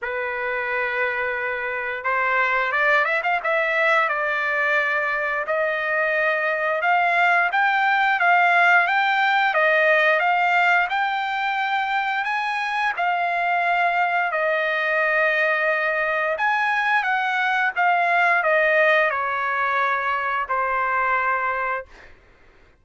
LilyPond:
\new Staff \with { instrumentName = "trumpet" } { \time 4/4 \tempo 4 = 88 b'2. c''4 | d''8 e''16 f''16 e''4 d''2 | dis''2 f''4 g''4 | f''4 g''4 dis''4 f''4 |
g''2 gis''4 f''4~ | f''4 dis''2. | gis''4 fis''4 f''4 dis''4 | cis''2 c''2 | }